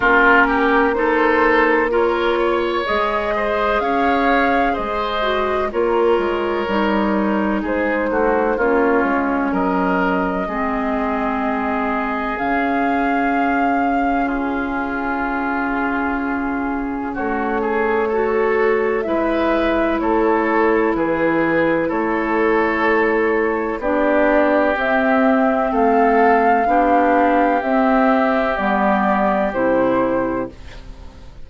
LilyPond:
<<
  \new Staff \with { instrumentName = "flute" } { \time 4/4 \tempo 4 = 63 ais'4 c''4 cis''4 dis''4 | f''4 dis''4 cis''2 | c''4 cis''4 dis''2~ | dis''4 f''2 gis'4~ |
gis'2 cis''2 | e''4 cis''4 b'4 cis''4~ | cis''4 d''4 e''4 f''4~ | f''4 e''4 d''4 c''4 | }
  \new Staff \with { instrumentName = "oboe" } { \time 4/4 f'8 g'8 a'4 ais'8 cis''4 c''8 | cis''4 c''4 ais'2 | gis'8 fis'8 f'4 ais'4 gis'4~ | gis'2. f'4~ |
f'2 fis'8 gis'8 a'4 | b'4 a'4 gis'4 a'4~ | a'4 g'2 a'4 | g'1 | }
  \new Staff \with { instrumentName = "clarinet" } { \time 4/4 cis'4 dis'4 f'4 gis'4~ | gis'4. fis'8 f'4 dis'4~ | dis'4 cis'2 c'4~ | c'4 cis'2.~ |
cis'2. fis'4 | e'1~ | e'4 d'4 c'2 | d'4 c'4 b4 e'4 | }
  \new Staff \with { instrumentName = "bassoon" } { \time 4/4 ais2. gis4 | cis'4 gis4 ais8 gis8 g4 | gis8 a8 ais8 gis8 fis4 gis4~ | gis4 cis2.~ |
cis2 a2 | gis4 a4 e4 a4~ | a4 b4 c'4 a4 | b4 c'4 g4 c4 | }
>>